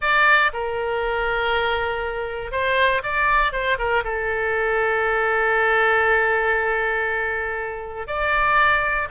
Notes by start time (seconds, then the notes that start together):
0.01 D5
0.53 A#4
2.51 C5
3.03 D5
3.52 C5
3.78 A#4
4.04 A4
8.07 D5